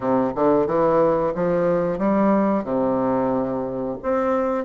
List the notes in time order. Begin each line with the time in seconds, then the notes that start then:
0.00 C3
0.35 D3
0.66 E3
1.35 F3
1.98 G3
2.64 C3
4.02 C4